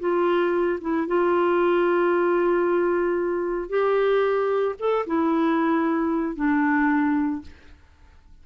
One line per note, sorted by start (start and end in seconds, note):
0.00 0.80 F4
0.81 1.08 E4
1.08 3.70 F4
3.70 4.76 G4
4.79 5.06 A4
5.07 6.36 E4
6.36 7.42 D4